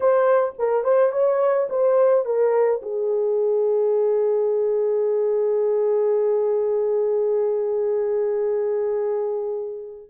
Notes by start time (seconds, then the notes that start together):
0.00 C5
0.58 A#4
0.84 C5
1.11 C#5
1.69 C5
2.25 A#4
2.82 G#4